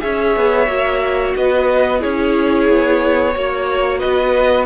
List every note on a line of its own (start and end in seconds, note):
0.00 0.37 C#4
0.00 0.67 G#4
0.00 1.37 C#5
0.00 1.35 E5
0.37 0.68 B3
0.67 1.34 A#3
0.67 2.00 F#4
1.37 2.03 B3
1.37 2.01 B4
1.37 2.02 D#5
2.00 2.69 C#4
2.00 3.33 E4
2.00 3.34 G#4
2.00 3.99 C#5
2.69 3.36 B3
3.36 4.03 A#3
3.36 4.67 F#4
3.36 4.00 C#5
3.99 4.67 B3
3.99 4.66 B4
3.99 4.66 D#5